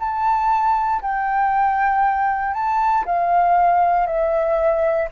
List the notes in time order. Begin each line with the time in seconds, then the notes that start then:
0.00 A5
1.02 G5
2.54 A5
3.06 F5
4.07 E5